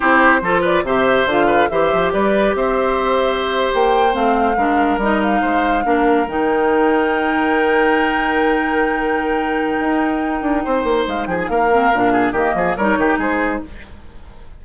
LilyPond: <<
  \new Staff \with { instrumentName = "flute" } { \time 4/4 \tempo 4 = 141 c''4. d''8 e''4 f''4 | e''4 d''4 e''2~ | e''8. g''4 f''2 dis''16~ | dis''16 f''2~ f''8 g''4~ g''16~ |
g''1~ | g''1~ | g''2 f''8 g''16 gis''16 f''4~ | f''4 dis''4 cis''4 c''4 | }
  \new Staff \with { instrumentName = "oboe" } { \time 4/4 g'4 a'8 b'8 c''4. b'8 | c''4 b'4 c''2~ | c''2~ c''8. ais'4~ ais'16~ | ais'8. c''4 ais'2~ ais'16~ |
ais'1~ | ais'1~ | ais'4 c''4. gis'8 ais'4~ | ais'8 gis'8 g'8 gis'8 ais'8 g'8 gis'4 | }
  \new Staff \with { instrumentName = "clarinet" } { \time 4/4 e'4 f'4 g'4 f'4 | g'1~ | g'4.~ g'16 c'4 d'4 dis'16~ | dis'4.~ dis'16 d'4 dis'4~ dis'16~ |
dis'1~ | dis'1~ | dis'2.~ dis'8 c'8 | d'4 ais4 dis'2 | }
  \new Staff \with { instrumentName = "bassoon" } { \time 4/4 c'4 f4 c4 d4 | e8 f8 g4 c'2~ | c'8. ais4 a4 gis4 g16~ | g8. gis4 ais4 dis4~ dis16~ |
dis1~ | dis2. dis'4~ | dis'8 d'8 c'8 ais8 gis8 f8 ais4 | ais,4 dis8 f8 g8 dis8 gis4 | }
>>